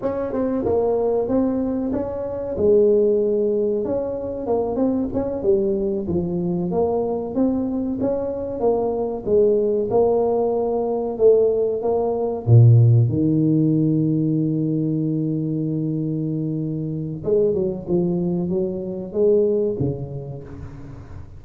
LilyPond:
\new Staff \with { instrumentName = "tuba" } { \time 4/4 \tempo 4 = 94 cis'8 c'8 ais4 c'4 cis'4 | gis2 cis'4 ais8 c'8 | cis'8 g4 f4 ais4 c'8~ | c'8 cis'4 ais4 gis4 ais8~ |
ais4. a4 ais4 ais,8~ | ais,8 dis2.~ dis8~ | dis2. gis8 fis8 | f4 fis4 gis4 cis4 | }